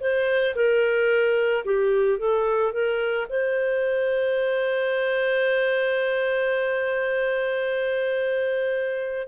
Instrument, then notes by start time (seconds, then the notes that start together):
clarinet
0.00 C5
0.55 A#4
1.65 G4
2.19 A4
2.72 A#4
3.29 C5